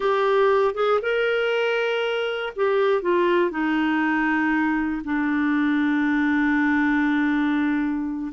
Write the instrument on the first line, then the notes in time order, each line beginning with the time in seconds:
clarinet
0.00 G4
0.74 G#4
1.02 A#4
2.56 G4
3.02 F4
3.50 D#4
5.04 D4